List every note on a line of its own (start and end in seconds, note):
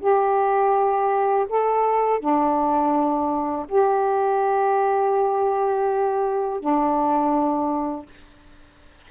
0.00 1.46 G4
1.49 2.20 A4
2.20 3.66 D4
3.69 6.59 G4
6.59 8.06 D4